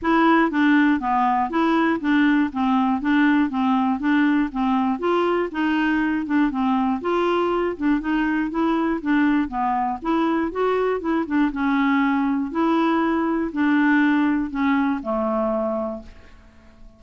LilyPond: \new Staff \with { instrumentName = "clarinet" } { \time 4/4 \tempo 4 = 120 e'4 d'4 b4 e'4 | d'4 c'4 d'4 c'4 | d'4 c'4 f'4 dis'4~ | dis'8 d'8 c'4 f'4. d'8 |
dis'4 e'4 d'4 b4 | e'4 fis'4 e'8 d'8 cis'4~ | cis'4 e'2 d'4~ | d'4 cis'4 a2 | }